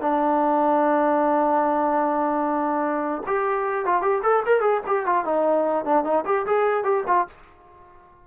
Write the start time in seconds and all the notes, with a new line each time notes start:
0.00 D4
3.26 G4
3.85 F4
4.01 G4
4.22 A4
4.45 A#4
4.60 G#4
4.86 G4
5.05 F4
5.25 D#4
5.85 D4
6.04 D#4
6.25 G4
6.46 G#4
6.83 G4
7.07 F4